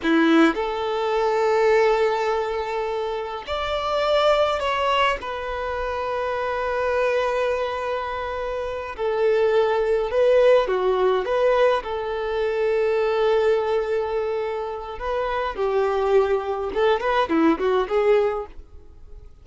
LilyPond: \new Staff \with { instrumentName = "violin" } { \time 4/4 \tempo 4 = 104 e'4 a'2.~ | a'2 d''2 | cis''4 b'2.~ | b'2.~ b'8 a'8~ |
a'4. b'4 fis'4 b'8~ | b'8 a'2.~ a'8~ | a'2 b'4 g'4~ | g'4 a'8 b'8 e'8 fis'8 gis'4 | }